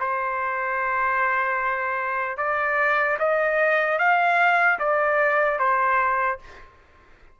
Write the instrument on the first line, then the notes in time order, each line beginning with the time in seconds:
trumpet
0.00 C5
2.38 D5
3.19 D#5
3.99 F5
4.79 D5
5.59 C5